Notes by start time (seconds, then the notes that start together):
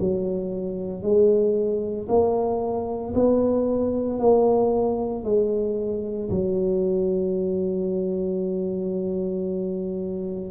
0.00 F#3
1.03 G#3
2.09 A#3
3.15 B3
4.20 A#3
5.24 G#3
6.31 F#3